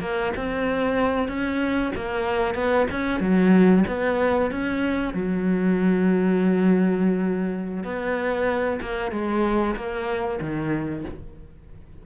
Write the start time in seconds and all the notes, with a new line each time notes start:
0.00 A#3
0.36 C4
1.28 C#4
1.95 A#3
2.54 B3
2.91 C#4
3.20 F#3
3.87 B3
4.51 C#4
5.14 F#3
7.84 B3
8.81 A#3
9.11 G#3
9.75 A#3
10.40 D#3